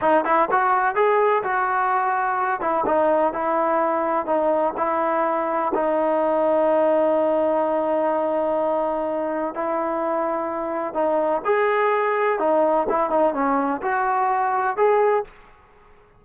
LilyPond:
\new Staff \with { instrumentName = "trombone" } { \time 4/4 \tempo 4 = 126 dis'8 e'8 fis'4 gis'4 fis'4~ | fis'4. e'8 dis'4 e'4~ | e'4 dis'4 e'2 | dis'1~ |
dis'1 | e'2. dis'4 | gis'2 dis'4 e'8 dis'8 | cis'4 fis'2 gis'4 | }